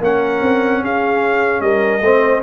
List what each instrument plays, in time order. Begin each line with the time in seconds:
0.00 tuba A#3, trombone C#4, horn A#4, trumpet F#5
0.41 tuba C4
0.81 tuba C#4, horn G#4, trumpet F5
1.60 tuba G3, horn A#4, trumpet D#5
2.00 tuba A3, trombone C4, horn C5